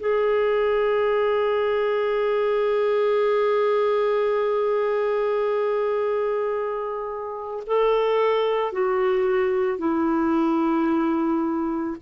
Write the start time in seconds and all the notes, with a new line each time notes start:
0.00 G#4
7.67 A4
8.73 F#4
9.79 E4